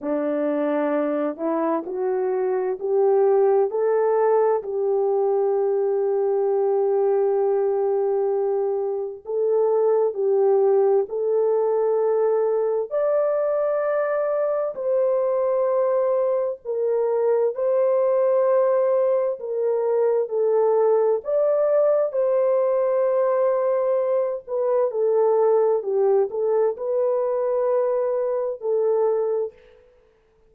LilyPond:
\new Staff \with { instrumentName = "horn" } { \time 4/4 \tempo 4 = 65 d'4. e'8 fis'4 g'4 | a'4 g'2.~ | g'2 a'4 g'4 | a'2 d''2 |
c''2 ais'4 c''4~ | c''4 ais'4 a'4 d''4 | c''2~ c''8 b'8 a'4 | g'8 a'8 b'2 a'4 | }